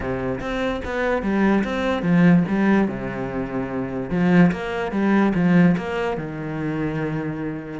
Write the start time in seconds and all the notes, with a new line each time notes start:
0.00 C3
0.40 C4
0.84 B3
1.22 G3
1.63 C4
2.02 F3
2.48 G3
2.88 C3
4.10 F3
4.51 A#3
4.91 G3
5.35 F3
5.77 A#3
6.17 D#3